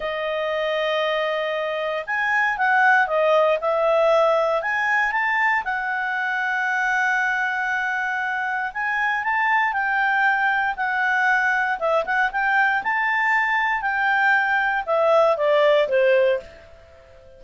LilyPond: \new Staff \with { instrumentName = "clarinet" } { \time 4/4 \tempo 4 = 117 dis''1 | gis''4 fis''4 dis''4 e''4~ | e''4 gis''4 a''4 fis''4~ | fis''1~ |
fis''4 gis''4 a''4 g''4~ | g''4 fis''2 e''8 fis''8 | g''4 a''2 g''4~ | g''4 e''4 d''4 c''4 | }